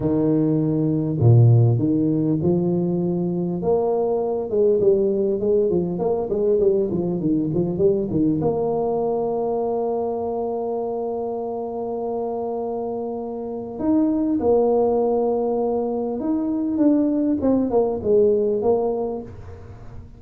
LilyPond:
\new Staff \with { instrumentName = "tuba" } { \time 4/4 \tempo 4 = 100 dis2 ais,4 dis4 | f2 ais4. gis8 | g4 gis8 f8 ais8 gis8 g8 f8 | dis8 f8 g8 dis8 ais2~ |
ais1~ | ais2. dis'4 | ais2. dis'4 | d'4 c'8 ais8 gis4 ais4 | }